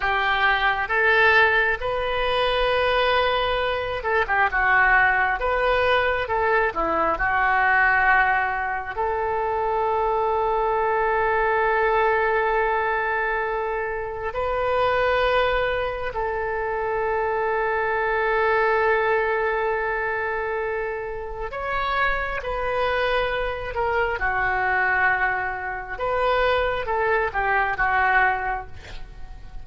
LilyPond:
\new Staff \with { instrumentName = "oboe" } { \time 4/4 \tempo 4 = 67 g'4 a'4 b'2~ | b'8 a'16 g'16 fis'4 b'4 a'8 e'8 | fis'2 a'2~ | a'1 |
b'2 a'2~ | a'1 | cis''4 b'4. ais'8 fis'4~ | fis'4 b'4 a'8 g'8 fis'4 | }